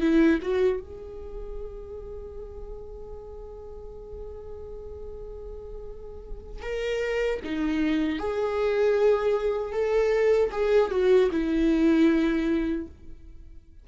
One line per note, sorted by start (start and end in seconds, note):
0.00 0.39 E4
0.42 0.80 F#4
0.80 6.62 G#4
6.62 7.40 A#4
7.44 8.19 D#4
8.19 9.72 G#4
9.72 10.50 A4
10.52 10.91 G#4
10.91 11.30 F#4
11.31 12.87 E4